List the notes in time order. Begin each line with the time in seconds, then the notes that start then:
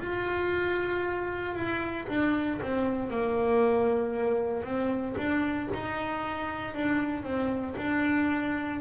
0.00 F4
1.56 E4
2.09 D4
2.62 C4
3.10 A#3
4.64 C4
5.18 D4
5.74 D#4
6.75 D4
7.24 C4
7.78 D4